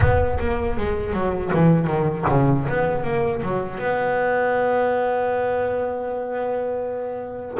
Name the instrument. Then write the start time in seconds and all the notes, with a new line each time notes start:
double bass
0.00 B3
0.39 A#3
0.77 G#3
1.13 F#3
1.53 E3
1.87 D#3
2.28 C#3
2.68 B3
3.03 A#3
3.42 F#3
3.78 B3